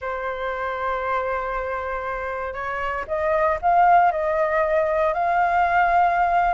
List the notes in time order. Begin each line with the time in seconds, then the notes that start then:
0.01 C5
2.53 C#5
3.07 D#5
3.61 F5
4.11 D#5
5.13 F5